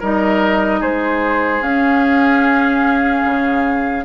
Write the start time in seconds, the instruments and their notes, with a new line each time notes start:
0.00 bassoon G3, clarinet D#4, oboe A#4, flute D#5
0.81 bassoon G#3, oboe G#4, flute C5
1.61 bassoon C#4, clarinet C#4, flute F5
3.25 bassoon C#3